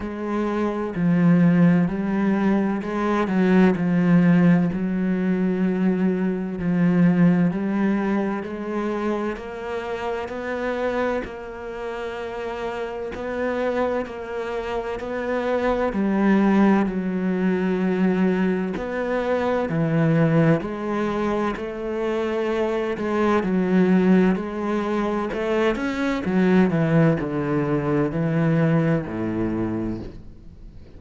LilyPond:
\new Staff \with { instrumentName = "cello" } { \time 4/4 \tempo 4 = 64 gis4 f4 g4 gis8 fis8 | f4 fis2 f4 | g4 gis4 ais4 b4 | ais2 b4 ais4 |
b4 g4 fis2 | b4 e4 gis4 a4~ | a8 gis8 fis4 gis4 a8 cis'8 | fis8 e8 d4 e4 a,4 | }